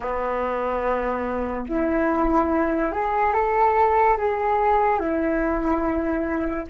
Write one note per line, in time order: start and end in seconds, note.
0.00 1.66 B3
1.68 2.92 E4
2.92 3.33 G#4
3.33 4.17 A4
4.17 4.99 G#4
4.99 6.66 E4